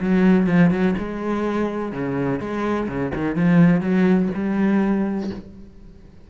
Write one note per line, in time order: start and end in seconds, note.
0.00 0.46 F#3
0.46 0.70 F3
0.70 0.94 F#3
0.98 1.92 G#3
1.92 2.40 C#3
2.40 2.88 G#3
2.88 3.12 C#3
3.14 3.35 D#3
3.35 3.81 F3
3.81 4.29 F#3
4.34 5.30 G3